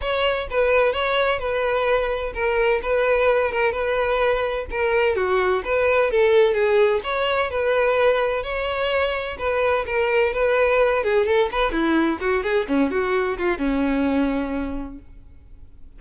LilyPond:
\new Staff \with { instrumentName = "violin" } { \time 4/4 \tempo 4 = 128 cis''4 b'4 cis''4 b'4~ | b'4 ais'4 b'4. ais'8 | b'2 ais'4 fis'4 | b'4 a'4 gis'4 cis''4 |
b'2 cis''2 | b'4 ais'4 b'4. gis'8 | a'8 b'8 e'4 fis'8 gis'8 cis'8 fis'8~ | fis'8 f'8 cis'2. | }